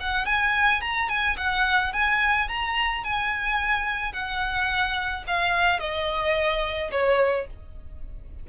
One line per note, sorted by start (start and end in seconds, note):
0.00 0.26 F#5
0.26 0.81 G#5
0.81 1.09 A#5
1.09 1.37 G#5
1.37 1.93 F#5
1.93 2.48 G#5
2.48 3.04 A#5
3.04 4.13 G#5
4.13 5.24 F#5
5.27 5.80 F5
5.80 6.91 D#5
6.91 7.47 C#5